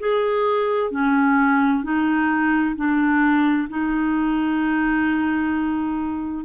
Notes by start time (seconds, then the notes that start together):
0.00 G#4
0.91 C#4
1.84 D#4
2.76 D4
3.70 D#4